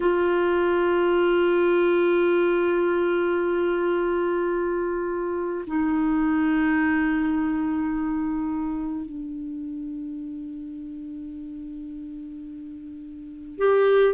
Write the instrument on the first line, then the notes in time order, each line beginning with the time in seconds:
clarinet
0.00 F4
5.67 D#4
9.05 D4
13.57 G4